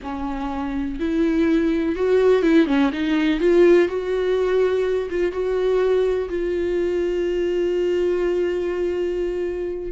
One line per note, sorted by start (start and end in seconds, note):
0.02 0.99 C#4
0.99 1.95 E4
1.95 2.42 F#4
2.42 2.66 E4
2.66 2.90 C#4
2.92 3.39 D#4
3.39 3.88 F4
3.88 5.09 F#4
5.09 5.32 F4
5.32 6.29 F#4
6.29 9.91 F4